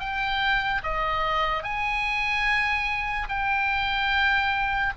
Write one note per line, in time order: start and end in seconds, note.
0.00 0.82 G5
0.84 1.64 D#5
1.64 3.28 G#5
3.30 4.94 G5